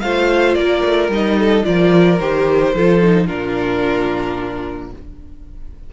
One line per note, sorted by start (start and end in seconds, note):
0.00 0.55 A3
0.00 1.11 F4
0.00 0.57 C5
0.00 0.54 F5
0.54 0.82 A#3
0.54 1.39 A#4
0.54 1.08 D5
0.84 1.08 A3
1.08 1.63 G3
1.08 1.63 D#4
1.08 1.64 D#5
1.39 1.66 A4
1.63 2.19 F3
1.63 2.18 F4
1.63 2.75 A#4
1.63 2.19 D5
2.19 2.74 D#3
2.19 2.74 G4
2.19 3.27 C5
2.74 3.29 F3
2.74 3.02 F4
2.74 3.26 A4
3.02 3.27 D#4
3.26 4.93 A#2
3.26 4.91 D4
3.26 4.90 F4
3.26 4.90 A#4